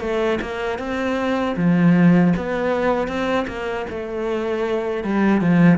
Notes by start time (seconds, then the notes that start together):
0.00 A3
0.41 A#3
0.78 C4
1.56 F3
2.36 B3
3.07 C4
3.47 A#3
3.90 A3
5.03 G3
5.41 F3